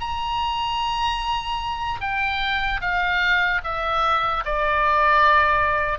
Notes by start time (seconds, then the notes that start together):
0.00 A#5
2.01 G5
2.81 F5
3.64 E5
4.45 D5